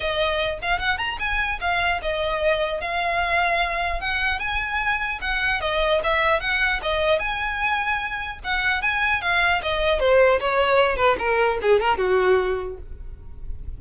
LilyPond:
\new Staff \with { instrumentName = "violin" } { \time 4/4 \tempo 4 = 150 dis''4. f''8 fis''8 ais''8 gis''4 | f''4 dis''2 f''4~ | f''2 fis''4 gis''4~ | gis''4 fis''4 dis''4 e''4 |
fis''4 dis''4 gis''2~ | gis''4 fis''4 gis''4 f''4 | dis''4 c''4 cis''4. b'8 | ais'4 gis'8 ais'8 fis'2 | }